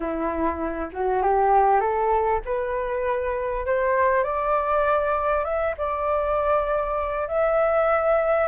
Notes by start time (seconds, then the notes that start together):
0.00 E4
0.93 F#4
1.22 G4
1.80 A4
2.45 B4
3.66 C5
4.23 D5
5.44 E5
5.77 D5
7.28 E5